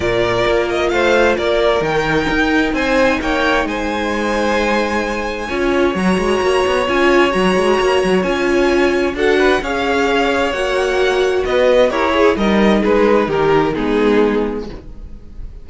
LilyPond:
<<
  \new Staff \with { instrumentName = "violin" } { \time 4/4 \tempo 4 = 131 d''4. dis''8 f''4 d''4 | g''2 gis''4 g''4 | gis''1~ | gis''4 ais''2 gis''4 |
ais''2 gis''2 | fis''4 f''2 fis''4~ | fis''4 dis''4 cis''4 dis''4 | b'4 ais'4 gis'2 | }
  \new Staff \with { instrumentName = "violin" } { \time 4/4 ais'2 c''4 ais'4~ | ais'2 c''4 cis''4 | c''1 | cis''1~ |
cis''1 | a'8 b'8 cis''2.~ | cis''4 b'4 ais'8 gis'8 ais'4 | gis'4 g'4 dis'2 | }
  \new Staff \with { instrumentName = "viola" } { \time 4/4 f'1 | dis'1~ | dis'1 | f'4 fis'2 f'4 |
fis'2 f'2 | fis'4 gis'2 fis'4~ | fis'2 g'8 gis'8 dis'4~ | dis'2 b2 | }
  \new Staff \with { instrumentName = "cello" } { \time 4/4 ais,4 ais4 a4 ais4 | dis4 dis'4 c'4 ais4 | gis1 | cis'4 fis8 gis8 ais8 b8 cis'4 |
fis8 gis8 ais8 fis8 cis'2 | d'4 cis'2 ais4~ | ais4 b4 e'4 g4 | gis4 dis4 gis2 | }
>>